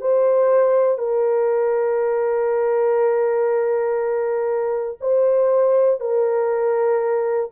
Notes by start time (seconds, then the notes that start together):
0.00 C5
0.98 A#4
5.00 C5
6.00 A#4